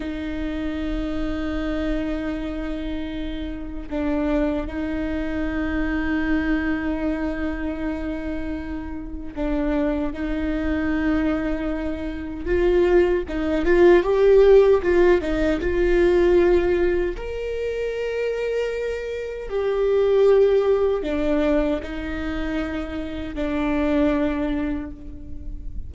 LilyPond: \new Staff \with { instrumentName = "viola" } { \time 4/4 \tempo 4 = 77 dis'1~ | dis'4 d'4 dis'2~ | dis'1 | d'4 dis'2. |
f'4 dis'8 f'8 g'4 f'8 dis'8 | f'2 ais'2~ | ais'4 g'2 d'4 | dis'2 d'2 | }